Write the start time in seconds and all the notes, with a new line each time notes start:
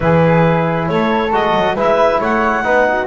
0.00 E3 E4 G#4 B4
0.87 A3 A4 C#5
1.32 G#3 F#4 D#5
1.54 F#3
1.75 G#3 E4 B4 E5
2.19 A3 C#5 F#5
2.63 B3 D#4 B4
2.88 F#4